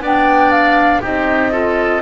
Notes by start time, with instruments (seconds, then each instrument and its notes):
0.00 double bass B3, clarinet D4, oboe D5, flute G5
0.51 flute F5
1.01 double bass C4, clarinet D#4, oboe G4, flute D#5
1.51 clarinet F4, oboe A4